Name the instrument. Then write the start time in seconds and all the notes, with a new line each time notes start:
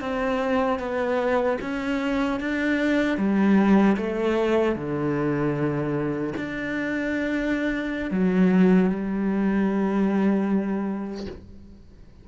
cello
0.00 C4
0.79 B3
1.61 C#4
2.40 D4
3.17 G3
3.96 A3
4.75 D3
6.37 D4
8.11 F#3
8.90 G3